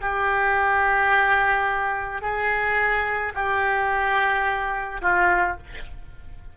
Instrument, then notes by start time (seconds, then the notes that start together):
oboe
0.00 G4
2.21 G#4
3.34 G4
5.01 F4